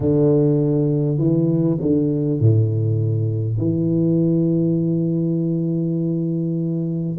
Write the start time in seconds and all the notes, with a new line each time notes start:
0.00 D3
1.18 E3
1.81 D3
2.40 A2
3.57 E3